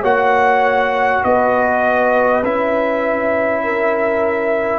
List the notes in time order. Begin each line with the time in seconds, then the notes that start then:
0.00 A#3 F#4 C#5 F#5
1.24 B3 B4 D#5
2.43 C#4 E4 E5
3.64 A#4